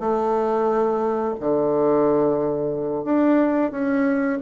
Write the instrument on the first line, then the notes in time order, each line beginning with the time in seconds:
bassoon
0.00 A3
1.40 D3
3.05 D4
3.71 C#4